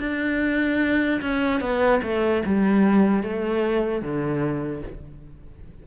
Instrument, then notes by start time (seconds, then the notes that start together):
cello
0.00 D4
1.22 C#4
1.61 B3
2.03 A3
2.46 G3
3.24 A3
4.02 D3